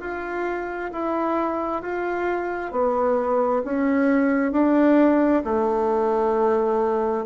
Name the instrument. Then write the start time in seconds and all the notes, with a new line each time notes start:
bassoon
0.00 F4
0.92 E4
1.82 F4
2.71 B3
3.64 C#4
4.52 D4
5.44 A3